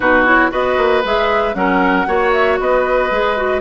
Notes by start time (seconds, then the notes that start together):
0.00 B2 D#4 F#4 B4
0.25 E4 C#5
0.50 B3 F#4 B4 D#5
0.77 A#3
1.04 G#3 G#4 E5
1.54 F#3 C#4 A#4 F#5
2.06 A#3 F#4 C#5
2.32 E5
2.59 B3 B4 D#5
3.10 G#3 G#4
3.36 F#4